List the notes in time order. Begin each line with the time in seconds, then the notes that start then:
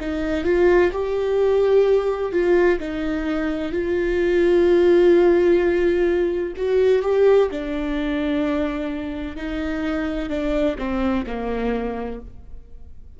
0.00 D#4
0.44 F4
0.92 G4
2.32 F4
2.79 D#4
3.72 F4
6.56 F#4
7.02 G4
7.51 D4
9.36 D#4
10.29 D4
10.78 C4
11.26 A#3